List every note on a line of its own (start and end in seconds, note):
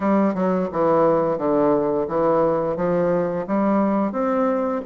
0.00 0.34 G3
0.34 0.68 F#3
0.71 1.38 E3
1.38 2.07 D3
2.08 2.76 E3
2.76 3.45 F3
3.47 4.12 G3
4.12 4.81 C4